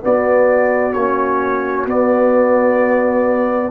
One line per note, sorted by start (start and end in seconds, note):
0.00 0.92 B3
0.00 0.96 B3
0.00 3.71 F#4
0.00 0.93 D5
0.93 1.86 A#3
0.93 1.87 C#4
0.93 1.85 C#5
1.86 3.71 B3
1.86 3.71 D5